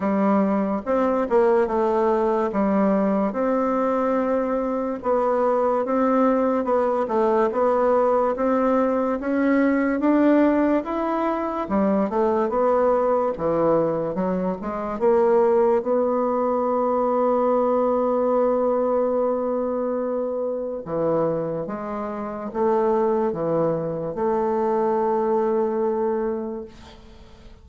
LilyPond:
\new Staff \with { instrumentName = "bassoon" } { \time 4/4 \tempo 4 = 72 g4 c'8 ais8 a4 g4 | c'2 b4 c'4 | b8 a8 b4 c'4 cis'4 | d'4 e'4 g8 a8 b4 |
e4 fis8 gis8 ais4 b4~ | b1~ | b4 e4 gis4 a4 | e4 a2. | }